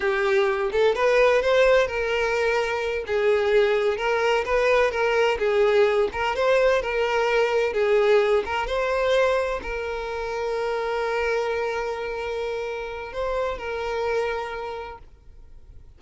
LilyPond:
\new Staff \with { instrumentName = "violin" } { \time 4/4 \tempo 4 = 128 g'4. a'8 b'4 c''4 | ais'2~ ais'8 gis'4.~ | gis'8 ais'4 b'4 ais'4 gis'8~ | gis'4 ais'8 c''4 ais'4.~ |
ais'8 gis'4. ais'8 c''4.~ | c''8 ais'2.~ ais'8~ | ais'1 | c''4 ais'2. | }